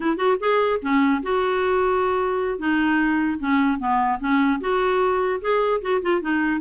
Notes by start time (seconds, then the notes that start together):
0.00 E4
0.16 F#4
0.39 G#4
0.82 C#4
1.22 F#4
2.58 D#4
3.39 C#4
3.79 B3
4.19 C#4
4.60 F#4
5.41 G#4
5.81 F#4
6.01 F4
6.21 D#4